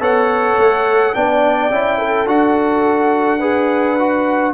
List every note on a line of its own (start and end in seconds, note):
0.00 0.57 B3
0.00 1.13 A4
0.00 1.14 C#5
0.00 1.15 F#5
0.58 1.15 A3
1.15 1.71 B3
1.15 1.71 D4
1.15 1.99 D5
1.15 2.28 G5
1.71 2.27 C#4
1.71 2.27 E4
1.99 3.40 A4
2.27 4.54 D4
2.27 3.40 F#4
2.27 4.55 F#5
3.40 3.97 G#4
3.40 4.53 B4
3.99 4.55 F#4